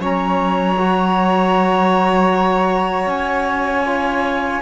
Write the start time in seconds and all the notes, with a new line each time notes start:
0.00 F#3 C#4 C#5 A#5
0.78 F#4
3.06 C#4 G#5
3.85 F4